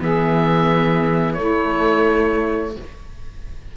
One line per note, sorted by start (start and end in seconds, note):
0.00 1.39 E3
0.00 1.37 B3
0.00 1.37 G#4
0.00 1.33 E5
1.33 2.75 A3
1.33 2.77 A3
1.33 2.75 E4
1.33 2.71 C#5